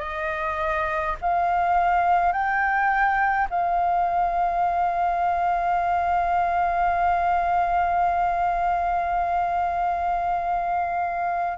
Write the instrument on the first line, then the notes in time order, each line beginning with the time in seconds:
flute
0.00 D#5
1.21 F5
2.32 G5
3.50 F5